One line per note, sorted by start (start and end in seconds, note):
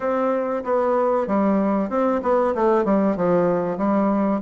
0.00 0.63 C4
0.64 1.27 B3
1.27 1.89 G3
1.89 2.21 C4
2.22 2.54 B3
2.54 2.84 A3
2.84 3.16 G3
3.16 3.77 F3
3.77 4.40 G3